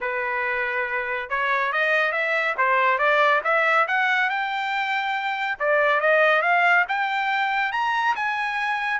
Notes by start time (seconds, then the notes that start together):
0.00 B4
1.29 C#5
1.72 D#5
2.12 E5
2.57 C5
2.98 D5
3.44 E5
3.87 F#5
4.29 G5
5.59 D5
6.00 D#5
6.42 F5
6.88 G5
7.72 A#5
8.15 G#5